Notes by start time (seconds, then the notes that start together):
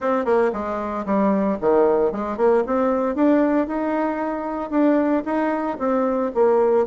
0.00 C4
0.25 A#3
0.52 G#3
1.05 G3
1.61 D#3
2.12 G#3
2.37 A#3
2.66 C4
3.15 D4
3.67 D#4
4.70 D4
5.25 D#4
5.78 C4
6.34 A#3